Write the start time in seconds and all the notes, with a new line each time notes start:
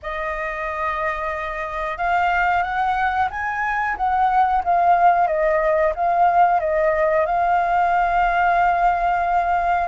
0.02 D#5
1.97 F5
2.63 F#5
3.30 G#5
3.97 F#5
4.64 F5
5.27 D#5
5.95 F5
6.60 D#5
7.25 F5